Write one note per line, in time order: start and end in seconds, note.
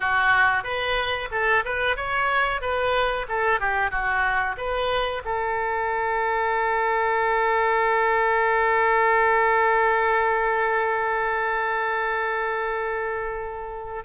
0.00 0.63 F#4
0.63 1.29 B4
1.31 1.63 A4
1.65 1.96 B4
1.96 2.61 C#5
2.61 3.26 B4
3.28 3.60 A4
3.60 3.90 G4
3.90 4.56 F#4
4.57 5.22 B4
5.25 14.04 A4